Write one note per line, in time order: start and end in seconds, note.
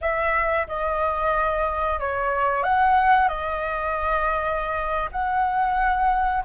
0.01 0.67 E5
0.67 1.99 D#5
1.99 2.63 C#5
2.63 3.28 F#5
3.28 5.09 D#5
5.11 6.43 F#5